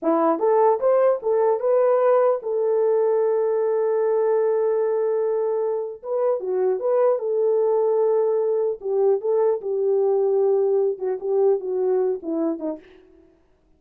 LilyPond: \new Staff \with { instrumentName = "horn" } { \time 4/4 \tempo 4 = 150 e'4 a'4 c''4 a'4 | b'2 a'2~ | a'1~ | a'2. b'4 |
fis'4 b'4 a'2~ | a'2 g'4 a'4 | g'2.~ g'8 fis'8 | g'4 fis'4. e'4 dis'8 | }